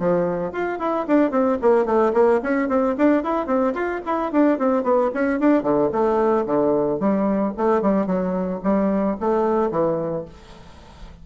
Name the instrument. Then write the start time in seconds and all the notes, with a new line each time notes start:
bassoon
0.00 F3
0.53 F4
0.80 E4
1.08 D4
1.31 C4
1.62 A#3
1.86 A3
2.14 A#3
2.43 C#4
2.69 C4
2.98 D4
3.24 E4
3.47 C4
3.74 F4
4.06 E4
4.33 D4
4.59 C4
4.84 B3
5.14 C#4
5.40 D4
5.63 D3
5.92 A3
6.46 D3
7.00 G3
7.58 A3
7.82 G3
8.07 F#3
8.64 G3
9.21 A3
9.71 E3